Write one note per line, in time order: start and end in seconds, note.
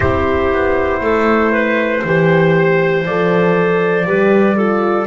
0.00 0.52 C4
0.00 2.02 E4
0.00 1.01 G4
0.00 3.04 C5
0.52 1.00 B3
1.00 2.02 A3
1.00 1.51 A4
1.51 2.02 B4
2.04 3.05 E3
2.04 3.07 G4
2.04 4.07 C5
3.05 4.06 F3
3.05 4.06 A4
3.05 5.07 D5
4.06 5.07 G3
4.06 4.56 G4
4.06 4.56 B4
4.56 5.07 F4
4.56 5.07 A4